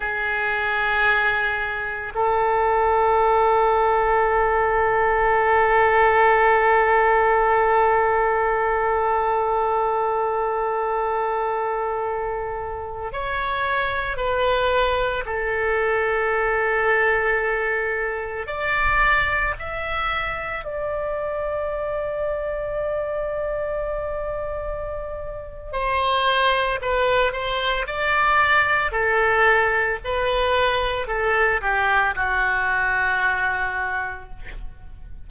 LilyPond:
\new Staff \with { instrumentName = "oboe" } { \time 4/4 \tempo 4 = 56 gis'2 a'2~ | a'1~ | a'1~ | a'16 cis''4 b'4 a'4.~ a'16~ |
a'4~ a'16 d''4 e''4 d''8.~ | d''1 | c''4 b'8 c''8 d''4 a'4 | b'4 a'8 g'8 fis'2 | }